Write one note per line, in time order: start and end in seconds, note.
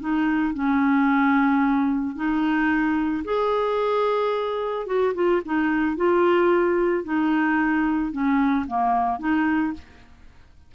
0.00 0.54 D#4
0.55 2.16 C#4
2.16 3.24 D#4
3.25 4.87 G#4
4.87 5.14 F#4
5.15 5.42 F4
5.45 5.97 D#4
5.97 7.04 F4
7.04 8.12 D#4
8.12 8.66 C#4
8.67 9.19 A#3
9.19 9.73 D#4